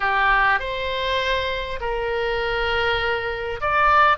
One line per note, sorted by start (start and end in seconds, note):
0.00 0.59 G4
0.59 1.79 C5
1.80 3.60 A#4
3.61 4.17 D5